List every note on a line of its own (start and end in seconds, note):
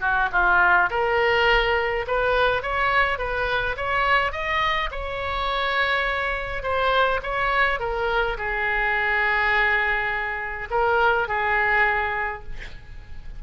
0.00 0.29 F#4
0.32 0.89 F4
0.90 2.05 A#4
2.07 2.62 B4
2.62 3.18 C#5
3.18 3.76 B4
3.77 4.32 C#5
4.32 4.89 D#5
4.91 6.62 C#5
6.62 7.20 C5
7.22 7.79 C#5
7.79 8.37 A#4
8.37 10.68 G#4
10.70 11.28 A#4
11.28 12.43 G#4